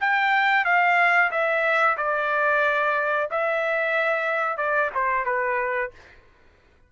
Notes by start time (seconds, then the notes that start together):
0.00 G5
0.64 F5
1.31 E5
1.97 D5
3.30 E5
4.57 D5
4.94 C5
5.25 B4